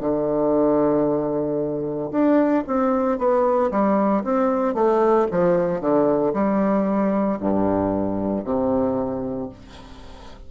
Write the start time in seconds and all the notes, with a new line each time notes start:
0.00 D3
2.11 D4
2.67 C4
3.18 B3
3.71 G3
4.23 C4
4.74 A3
5.31 F3
5.80 D3
6.33 G3
7.40 G2
8.44 C3